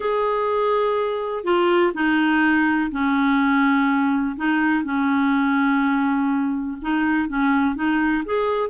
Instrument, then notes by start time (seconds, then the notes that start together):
clarinet
0.00 G#4
1.44 F4
1.94 D#4
2.91 C#4
4.36 D#4
4.84 C#4
6.81 D#4
7.28 C#4
7.75 D#4
8.25 G#4